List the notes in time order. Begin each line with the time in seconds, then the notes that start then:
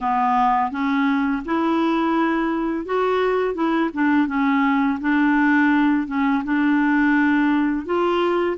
0.00 B3
0.71 C#4
1.44 E4
2.85 F#4
3.54 E4
3.93 D4
4.27 C#4
5.00 D4
6.07 C#4
6.44 D4
7.85 F4